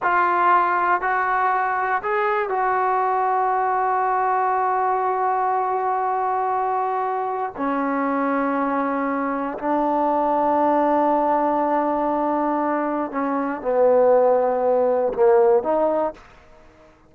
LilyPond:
\new Staff \with { instrumentName = "trombone" } { \time 4/4 \tempo 4 = 119 f'2 fis'2 | gis'4 fis'2.~ | fis'1~ | fis'2. cis'4~ |
cis'2. d'4~ | d'1~ | d'2 cis'4 b4~ | b2 ais4 dis'4 | }